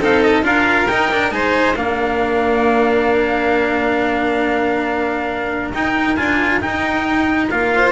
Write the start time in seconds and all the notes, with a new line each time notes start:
0.00 C4 D#4 A4 F5
0.23 D#5
0.43 D4 F4 A#4 F5
0.87 D#4 G5
1.12 D4
1.31 G#3 D#4 C5 G#5
1.75 A#3 D4 A#4 F5
5.73 D#4 G5
6.17 D4 F4 G#5
6.61 D#4 G5
7.50 A#3 F4 F5
7.75 C5